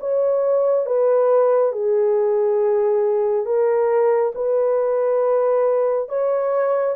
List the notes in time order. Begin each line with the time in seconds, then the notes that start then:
0.00 C#5
0.86 B4
1.72 G#4
3.45 A#4
4.35 B4
6.09 C#5